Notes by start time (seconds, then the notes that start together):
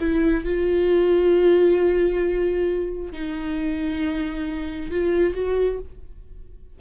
0.00 E4
0.45 F4
3.13 D#4
4.91 F4
5.34 F#4